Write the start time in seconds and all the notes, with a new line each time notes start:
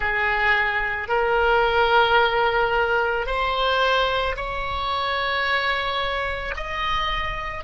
0.00 G#4
1.08 A#4
3.26 C5
4.36 C#5
6.56 D#5